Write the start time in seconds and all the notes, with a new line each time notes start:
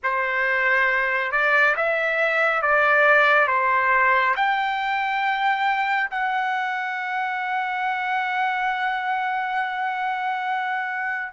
0.03 C5
1.31 D5
1.76 E5
2.62 D5
3.47 C5
4.36 G5
6.10 F#5